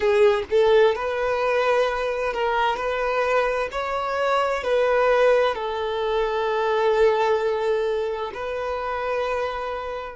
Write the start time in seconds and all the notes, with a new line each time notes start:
0.00 G#4
0.50 A4
0.95 B4
2.33 A#4
2.76 B4
3.71 C#5
4.63 B4
5.54 A4
8.33 B4